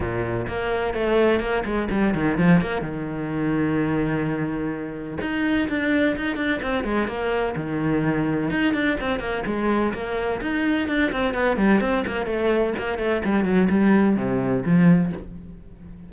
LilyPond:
\new Staff \with { instrumentName = "cello" } { \time 4/4 \tempo 4 = 127 ais,4 ais4 a4 ais8 gis8 | g8 dis8 f8 ais8 dis2~ | dis2. dis'4 | d'4 dis'8 d'8 c'8 gis8 ais4 |
dis2 dis'8 d'8 c'8 ais8 | gis4 ais4 dis'4 d'8 c'8 | b8 g8 c'8 ais8 a4 ais8 a8 | g8 fis8 g4 c4 f4 | }